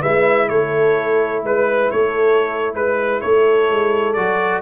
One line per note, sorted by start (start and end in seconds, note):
0.00 0.50 G#3
0.00 4.17 E4
0.00 0.47 B4
0.00 0.49 E5
0.49 1.44 A3
0.49 1.46 A4
0.49 1.44 C#5
1.44 1.91 G#3
1.44 1.93 B4
1.44 1.92 B4
1.92 2.74 A3
1.92 2.76 A4
1.92 2.74 C#5
2.74 3.22 G#3
2.74 3.21 B4
2.74 3.23 B4
3.21 3.71 A3
3.21 4.63 A4
3.21 4.14 C#5
3.71 4.18 G#3
4.14 4.63 F#3
4.14 4.63 F#4
4.14 4.61 D5